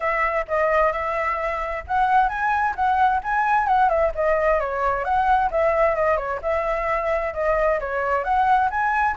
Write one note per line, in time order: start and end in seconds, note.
0.00 0.45 E5
0.47 0.92 D#5
0.92 1.84 E5
1.87 2.28 F#5
2.28 2.74 G#5
2.75 3.21 F#5
3.23 3.67 G#5
3.67 3.89 F#5
3.89 4.12 E5
4.14 4.59 D#5
4.59 5.04 C#5
5.04 5.50 F#5
5.50 5.95 E5
5.95 6.16 D#5
6.16 6.39 C#5
6.42 7.33 E5
7.33 7.79 D#5
7.80 8.24 C#5
8.24 8.69 F#5
8.70 9.16 G#5